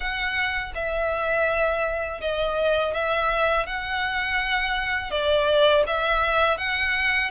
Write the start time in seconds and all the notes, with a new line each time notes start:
0.00 F#5
0.74 E5
2.21 D#5
2.93 E5
3.66 F#5
5.11 D5
5.87 E5
6.57 F#5